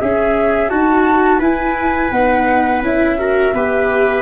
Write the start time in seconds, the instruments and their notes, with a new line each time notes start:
0.00 tuba C#4, viola C#4, trumpet G#4, flute E5
0.68 tuba D#4, viola F#4, trumpet F#4, flute A5
1.39 tuba E4, viola E4, trumpet B4, flute G#5
2.11 tuba B3, viola D#4, flute F#5
2.82 tuba C#4, viola E4, flute E5
3.18 viola F#4, trumpet A#4
3.54 tuba B3, viola G4, trumpet B4